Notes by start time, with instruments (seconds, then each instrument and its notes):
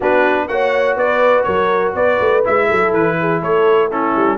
0.00 tuba B3, trombone D4, horn F#4, trumpet B4
0.48 tuba A#3, trombone F#4, horn C#5, trumpet F#5
0.96 tuba B3, horn B4, trumpet D5
1.43 tuba F#3, horn A#4, trumpet C#5
1.93 tuba B3, horn B4, trumpet D5
2.19 tuba A3
2.44 tuba G#3, trombone E4, trumpet E5
2.67 tuba F#3, horn A4
2.93 tuba E3, trumpet B4
3.20 horn G#4
3.41 tuba A3, horn A4, trumpet C#5
3.90 trombone C#4, horn E4, trumpet A4
4.15 tuba G3